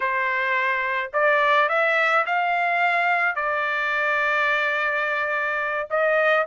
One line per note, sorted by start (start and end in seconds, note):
0.00 1.11 C5
1.13 1.68 D5
1.68 2.25 E5
2.26 3.35 F5
3.35 5.88 D5
5.90 6.46 D#5